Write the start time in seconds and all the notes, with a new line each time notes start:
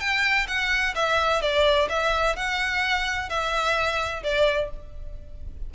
0.00 G5
0.48 F#5
0.95 E5
1.41 D5
1.89 E5
2.36 F#5
3.29 E5
4.23 D5